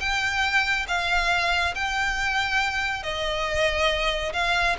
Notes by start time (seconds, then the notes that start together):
0.00 G5
0.88 F5
1.75 G5
3.03 D#5
4.33 F5